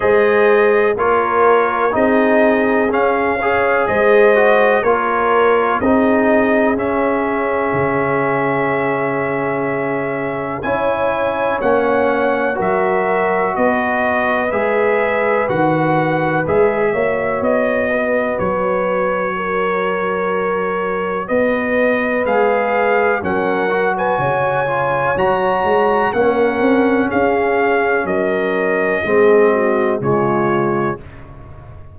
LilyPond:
<<
  \new Staff \with { instrumentName = "trumpet" } { \time 4/4 \tempo 4 = 62 dis''4 cis''4 dis''4 f''4 | dis''4 cis''4 dis''4 e''4~ | e''2. gis''4 | fis''4 e''4 dis''4 e''4 |
fis''4 e''4 dis''4 cis''4~ | cis''2 dis''4 f''4 | fis''8. gis''4~ gis''16 ais''4 fis''4 | f''4 dis''2 cis''4 | }
  \new Staff \with { instrumentName = "horn" } { \time 4/4 c''4 ais'4 gis'4. cis''8 | c''4 ais'4 gis'2~ | gis'2. cis''4~ | cis''4 ais'4 b'2~ |
b'4. cis''4 b'4. | ais'2 b'2 | ais'8. b'16 cis''2 ais'4 | gis'4 ais'4 gis'8 fis'8 f'4 | }
  \new Staff \with { instrumentName = "trombone" } { \time 4/4 gis'4 f'4 dis'4 cis'8 gis'8~ | gis'8 fis'8 f'4 dis'4 cis'4~ | cis'2. e'4 | cis'4 fis'2 gis'4 |
fis'4 gis'8 fis'2~ fis'8~ | fis'2. gis'4 | cis'8 fis'4 f'8 fis'4 cis'4~ | cis'2 c'4 gis4 | }
  \new Staff \with { instrumentName = "tuba" } { \time 4/4 gis4 ais4 c'4 cis'4 | gis4 ais4 c'4 cis'4 | cis2. cis'4 | ais4 fis4 b4 gis4 |
dis4 gis8 ais8 b4 fis4~ | fis2 b4 gis4 | fis4 cis4 fis8 gis8 ais8 c'8 | cis'4 fis4 gis4 cis4 | }
>>